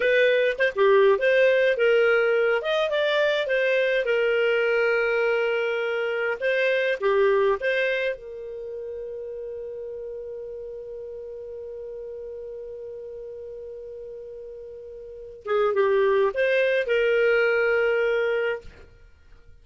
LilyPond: \new Staff \with { instrumentName = "clarinet" } { \time 4/4 \tempo 4 = 103 b'4 c''16 g'8. c''4 ais'4~ | ais'8 dis''8 d''4 c''4 ais'4~ | ais'2. c''4 | g'4 c''4 ais'2~ |
ais'1~ | ais'1~ | ais'2~ ais'8 gis'8 g'4 | c''4 ais'2. | }